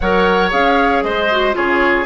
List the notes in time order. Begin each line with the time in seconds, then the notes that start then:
0.00 F#3 A#4 C#5 F#5
0.50 C#4 G#4 F5
1.02 G#3 C5 D#5
1.30 F#4
1.53 C#3 F4 G#4 C#5